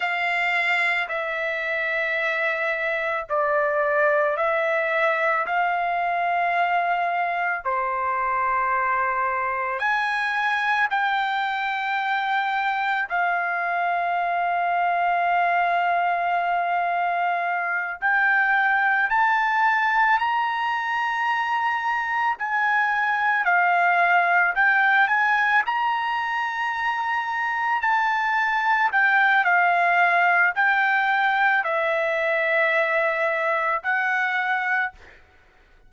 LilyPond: \new Staff \with { instrumentName = "trumpet" } { \time 4/4 \tempo 4 = 55 f''4 e''2 d''4 | e''4 f''2 c''4~ | c''4 gis''4 g''2 | f''1~ |
f''8 g''4 a''4 ais''4.~ | ais''8 gis''4 f''4 g''8 gis''8 ais''8~ | ais''4. a''4 g''8 f''4 | g''4 e''2 fis''4 | }